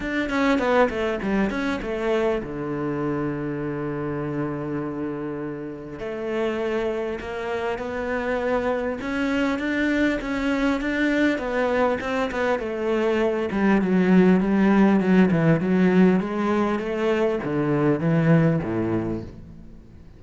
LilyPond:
\new Staff \with { instrumentName = "cello" } { \time 4/4 \tempo 4 = 100 d'8 cis'8 b8 a8 g8 cis'8 a4 | d1~ | d2 a2 | ais4 b2 cis'4 |
d'4 cis'4 d'4 b4 | c'8 b8 a4. g8 fis4 | g4 fis8 e8 fis4 gis4 | a4 d4 e4 a,4 | }